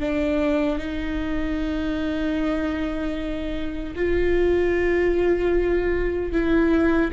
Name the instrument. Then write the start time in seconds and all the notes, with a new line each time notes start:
viola
0.00 D4
0.79 D#4
3.95 F4
6.32 E4